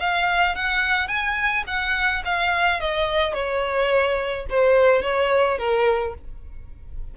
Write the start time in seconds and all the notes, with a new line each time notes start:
0.00 F5
0.55 F#5
1.08 G#5
1.67 F#5
2.25 F5
2.80 D#5
3.34 C#5
4.50 C5
5.02 C#5
5.58 A#4